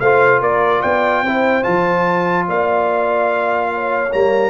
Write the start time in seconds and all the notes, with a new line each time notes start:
0.00 A3 F4 C5 F5
0.41 A#3 A#4 D5
0.82 B3 D5 G5
1.23 C4 E4 C5
1.63 F3 F4 A5
2.48 A#3 D5 F5
3.74 C#5
4.12 G3 A#3 A#5